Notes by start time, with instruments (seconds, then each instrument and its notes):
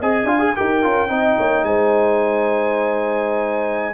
0.00 tuba C4, trombone G#4, horn D#5, trumpet G#5
0.24 tuba D4, trombone F4, horn F5
0.39 trombone G#4
0.56 tuba D#4, trombone G4, horn A#4, trumpet G5
0.83 tuba C#4, trombone F4
1.08 tuba C4, trombone D#4, horn D#5
1.38 tuba A#3, horn C#5
1.63 tuba G#3, horn C5, trumpet G#5